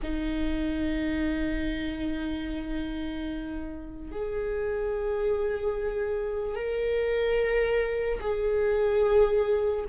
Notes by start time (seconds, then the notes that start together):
0.03 D#4
4.11 G#4
6.55 A#4
8.20 G#4